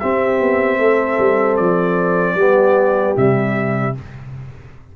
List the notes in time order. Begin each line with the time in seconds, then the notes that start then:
0.00 C4 G4 E5
0.40 B3
0.78 A3 A4
1.19 G3
1.57 F3 D5
2.35 G3 B3 G4
3.16 C3 G3 E5